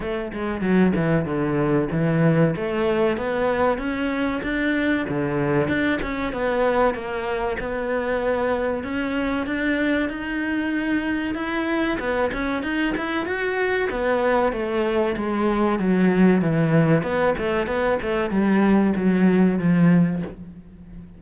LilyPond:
\new Staff \with { instrumentName = "cello" } { \time 4/4 \tempo 4 = 95 a8 gis8 fis8 e8 d4 e4 | a4 b4 cis'4 d'4 | d4 d'8 cis'8 b4 ais4 | b2 cis'4 d'4 |
dis'2 e'4 b8 cis'8 | dis'8 e'8 fis'4 b4 a4 | gis4 fis4 e4 b8 a8 | b8 a8 g4 fis4 f4 | }